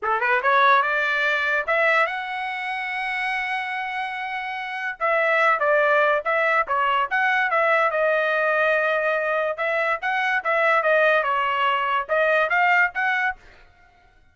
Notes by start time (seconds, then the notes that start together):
0.02 A4
0.20 B4
0.42 C#5
0.82 D5
1.66 E5
2.06 F#5
4.99 E5
5.59 D5
6.24 E5
6.67 C#5
7.10 F#5
7.50 E5
7.90 D#5
9.57 E5
10.01 F#5
10.44 E5
10.83 D#5
11.23 C#5
12.08 D#5
12.49 F5
12.94 F#5